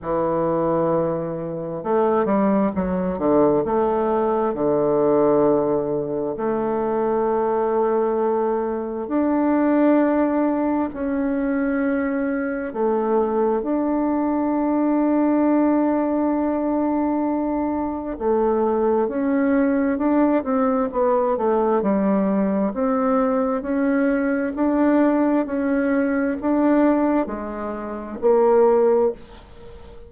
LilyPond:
\new Staff \with { instrumentName = "bassoon" } { \time 4/4 \tempo 4 = 66 e2 a8 g8 fis8 d8 | a4 d2 a4~ | a2 d'2 | cis'2 a4 d'4~ |
d'1 | a4 cis'4 d'8 c'8 b8 a8 | g4 c'4 cis'4 d'4 | cis'4 d'4 gis4 ais4 | }